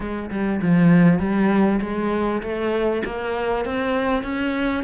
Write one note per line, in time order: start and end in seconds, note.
0.00 0.30 G#3
0.30 0.61 G3
0.61 1.19 F3
1.19 1.80 G3
1.81 2.42 G#3
2.42 3.02 A3
3.05 3.65 A#3
3.65 4.23 C4
4.23 4.83 C#4